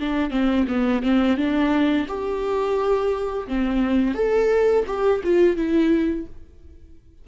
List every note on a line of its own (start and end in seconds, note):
0.00 0.31 D4
0.31 0.66 C4
0.68 1.03 B3
1.03 1.37 C4
1.37 2.07 D4
2.08 3.47 G4
3.48 4.15 C4
4.15 4.85 A4
4.87 5.22 G4
5.24 5.56 F4
5.56 6.26 E4